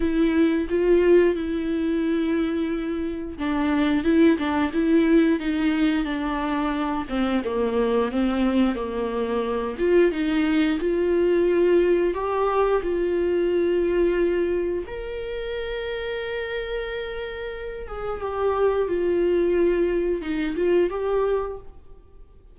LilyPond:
\new Staff \with { instrumentName = "viola" } { \time 4/4 \tempo 4 = 89 e'4 f'4 e'2~ | e'4 d'4 e'8 d'8 e'4 | dis'4 d'4. c'8 ais4 | c'4 ais4. f'8 dis'4 |
f'2 g'4 f'4~ | f'2 ais'2~ | ais'2~ ais'8 gis'8 g'4 | f'2 dis'8 f'8 g'4 | }